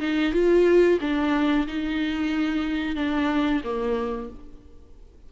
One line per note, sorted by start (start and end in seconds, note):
0.00 0.33 D#4
0.33 0.99 F4
1.01 1.67 D4
1.68 2.96 D#4
2.96 3.61 D4
3.64 4.30 A#3